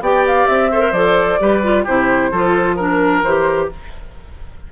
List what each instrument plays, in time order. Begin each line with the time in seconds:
0.00 bassoon B3, clarinet G4, oboe D5, flute G5
0.26 flute F5
0.47 bassoon C4, flute E5
0.71 clarinet A4, oboe C5
0.80 clarinet A#4
0.92 bassoon F3, clarinet A4, flute D5
1.40 bassoon G3, clarinet G4, oboe B4
1.63 clarinet F4
1.84 bassoon C3, clarinet E4, oboe G4, flute C5
2.31 bassoon F3, clarinet F4, oboe A4
2.75 clarinet D4, flute A#4, oboe A#4
3.23 bassoon E3, clarinet G4, flute C5